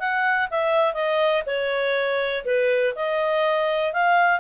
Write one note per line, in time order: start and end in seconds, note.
0.00 0.49 F#5
0.51 0.94 E5
0.94 1.43 D#5
1.46 2.45 C#5
2.45 2.94 B4
2.96 3.93 D#5
3.93 4.40 F5